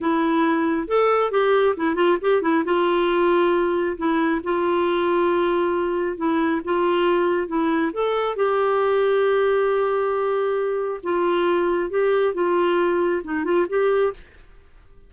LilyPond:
\new Staff \with { instrumentName = "clarinet" } { \time 4/4 \tempo 4 = 136 e'2 a'4 g'4 | e'8 f'8 g'8 e'8 f'2~ | f'4 e'4 f'2~ | f'2 e'4 f'4~ |
f'4 e'4 a'4 g'4~ | g'1~ | g'4 f'2 g'4 | f'2 dis'8 f'8 g'4 | }